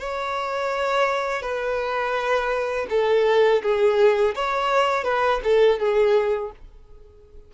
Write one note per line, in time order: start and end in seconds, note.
0.00 1.42 C#5
1.42 2.87 B4
2.90 3.62 A4
3.62 4.35 G#4
4.35 5.04 C#5
5.04 5.40 B4
5.43 5.79 A4
5.79 6.51 G#4